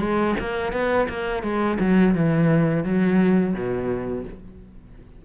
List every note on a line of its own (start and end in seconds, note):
0.00 0.35 G#3
0.40 0.73 A#3
0.73 1.08 B3
1.09 1.43 A#3
1.43 1.78 G#3
1.80 2.15 F#3
2.15 2.84 E3
2.84 3.54 F#3
3.54 4.25 B2